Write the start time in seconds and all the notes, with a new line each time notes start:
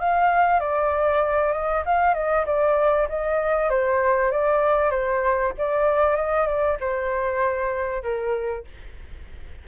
0.00 F5
0.60 D5
1.53 D#5
1.86 F5
2.15 D#5
2.46 D5
3.09 D#5
3.70 C5
4.32 D5
4.91 C5
5.58 D5
6.17 D#5
6.47 D5
6.81 C5
8.03 A#4